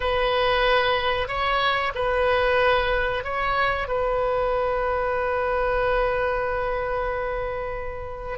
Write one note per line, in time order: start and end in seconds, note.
0.00 1.27 B4
1.27 1.92 C#5
1.94 3.23 B4
3.24 3.88 C#5
3.88 8.38 B4